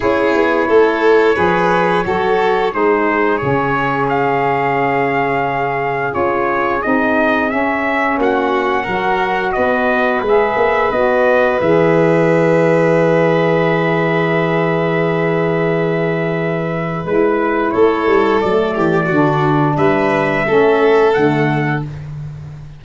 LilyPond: <<
  \new Staff \with { instrumentName = "trumpet" } { \time 4/4 \tempo 4 = 88 cis''1 | c''4 cis''4 f''2~ | f''4 cis''4 dis''4 e''4 | fis''2 dis''4 e''4 |
dis''4 e''2.~ | e''1~ | e''4 b'4 cis''4 d''4~ | d''4 e''2 fis''4 | }
  \new Staff \with { instrumentName = "violin" } { \time 4/4 gis'4 a'4 b'4 a'4 | gis'1~ | gis'1 | fis'4 ais'4 b'2~ |
b'1~ | b'1~ | b'2 a'4. g'8 | fis'4 b'4 a'2 | }
  \new Staff \with { instrumentName = "saxophone" } { \time 4/4 e'2 gis'4 fis'4 | dis'4 cis'2.~ | cis'4 f'4 dis'4 cis'4~ | cis'4 fis'2 gis'4 |
fis'4 gis'2.~ | gis'1~ | gis'4 e'2 a4 | d'2 cis'4 a4 | }
  \new Staff \with { instrumentName = "tuba" } { \time 4/4 cis'8 b8 a4 f4 fis4 | gis4 cis2.~ | cis4 cis'4 c'4 cis'4 | ais4 fis4 b4 gis8 ais8 |
b4 e2.~ | e1~ | e4 gis4 a8 g8 fis8 e8 | d4 g4 a4 d4 | }
>>